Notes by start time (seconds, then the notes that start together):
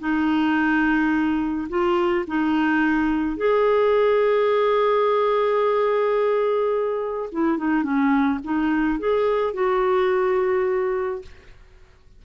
0.00 D#4
1.69 F4
2.27 D#4
3.37 G#4
7.32 E4
7.58 D#4
7.84 C#4
8.44 D#4
8.99 G#4
9.54 F#4